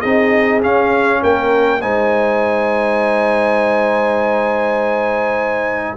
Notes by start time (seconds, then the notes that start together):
0.00 C4 D#4 G#4 D#5
0.62 C#4 F5
1.21 A#3 A#4 G5
1.81 G#3 D#4 C5 G#5